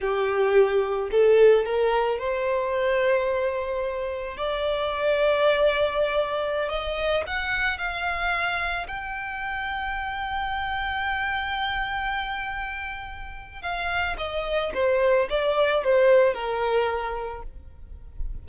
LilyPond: \new Staff \with { instrumentName = "violin" } { \time 4/4 \tempo 4 = 110 g'2 a'4 ais'4 | c''1 | d''1~ | d''16 dis''4 fis''4 f''4.~ f''16~ |
f''16 g''2.~ g''8.~ | g''1~ | g''4 f''4 dis''4 c''4 | d''4 c''4 ais'2 | }